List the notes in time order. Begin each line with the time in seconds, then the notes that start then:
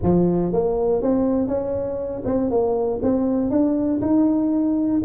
0.03 F3
0.52 A#3
1.02 C4
1.47 C#4
2.25 C4
2.50 A#3
3.02 C4
3.50 D4
4.01 D#4